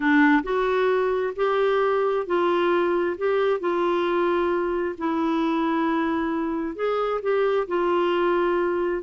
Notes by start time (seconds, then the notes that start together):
0.00 D4
0.43 F#4
1.36 G4
2.26 F4
3.17 G4
3.60 F4
4.97 E4
6.75 G#4
7.22 G4
7.67 F4